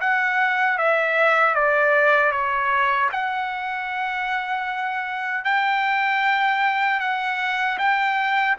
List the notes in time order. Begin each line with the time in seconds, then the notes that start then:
0.00 F#5
0.78 E5
1.54 D5
2.31 C#5
3.12 F#5
5.44 G5
7.00 F#5
7.79 G5